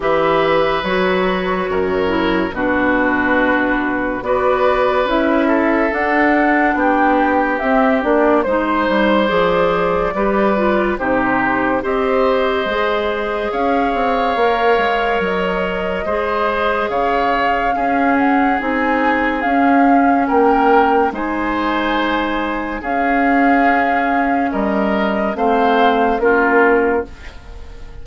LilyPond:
<<
  \new Staff \with { instrumentName = "flute" } { \time 4/4 \tempo 4 = 71 e''4 cis''2 b'4~ | b'4 d''4 e''4 fis''4 | g''4 e''8 d''8 c''4 d''4~ | d''4 c''4 dis''2 |
f''2 dis''2 | f''4. fis''8 gis''4 f''4 | g''4 gis''2 f''4~ | f''4 dis''4 f''4 ais'4 | }
  \new Staff \with { instrumentName = "oboe" } { \time 4/4 b'2 ais'4 fis'4~ | fis'4 b'4. a'4. | g'2 c''2 | b'4 g'4 c''2 |
cis''2. c''4 | cis''4 gis'2. | ais'4 c''2 gis'4~ | gis'4 ais'4 c''4 f'4 | }
  \new Staff \with { instrumentName = "clarinet" } { \time 4/4 g'4 fis'4. e'8 d'4~ | d'4 fis'4 e'4 d'4~ | d'4 c'8 d'8 dis'4 gis'4 | g'8 f'8 dis'4 g'4 gis'4~ |
gis'4 ais'2 gis'4~ | gis'4 cis'4 dis'4 cis'4~ | cis'4 dis'2 cis'4~ | cis'2 c'4 cis'4 | }
  \new Staff \with { instrumentName = "bassoon" } { \time 4/4 e4 fis4 fis,4 b,4~ | b,4 b4 cis'4 d'4 | b4 c'8 ais8 gis8 g8 f4 | g4 c4 c'4 gis4 |
cis'8 c'8 ais8 gis8 fis4 gis4 | cis4 cis'4 c'4 cis'4 | ais4 gis2 cis'4~ | cis'4 g4 a4 ais4 | }
>>